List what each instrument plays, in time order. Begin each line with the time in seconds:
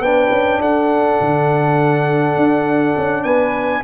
0.00 tuba B3, trombone D4, horn B4, trumpet G5
0.31 tuba C#4
0.61 tuba D4, horn A4, trumpet F#5
1.21 tuba D3
2.37 tuba D4
2.97 tuba C#4
3.24 tuba B3, horn B4, trumpet G#5